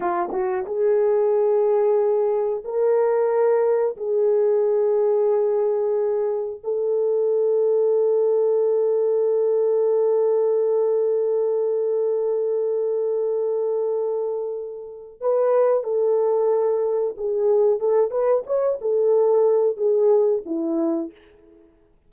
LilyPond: \new Staff \with { instrumentName = "horn" } { \time 4/4 \tempo 4 = 91 f'8 fis'8 gis'2. | ais'2 gis'2~ | gis'2 a'2~ | a'1~ |
a'1~ | a'2. b'4 | a'2 gis'4 a'8 b'8 | cis''8 a'4. gis'4 e'4 | }